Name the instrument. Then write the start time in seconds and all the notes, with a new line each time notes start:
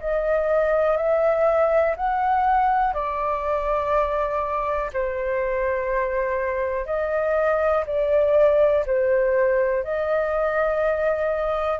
flute
0.00 D#5
0.97 E5
1.96 F#5
2.94 D5
4.93 C5
6.86 D#5
7.86 D5
8.86 C5
9.83 D#5